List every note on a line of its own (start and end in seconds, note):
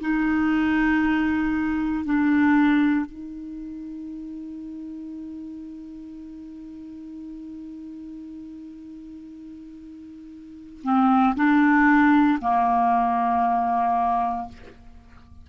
0.00 2.05 D#4
2.05 3.05 D4
3.05 10.81 D#4
10.83 11.35 C4
11.36 12.39 D4
12.41 14.48 A#3